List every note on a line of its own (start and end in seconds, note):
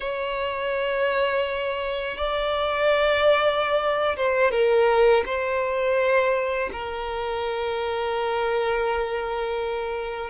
0.00 2.17 C#5
2.17 4.16 D5
4.16 4.51 C5
4.51 5.23 A#4
5.25 6.70 C5
6.72 10.29 A#4